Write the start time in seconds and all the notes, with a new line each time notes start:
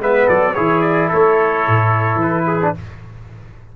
0.00 G#3 B3 B4 E5
0.26 F#3 A4 D5
0.54 E3 E4 G#4 C#5
0.81 D5
1.08 A3 A4 C#5
1.67 A2
2.15 E3 B4
2.47 G#4
2.61 D4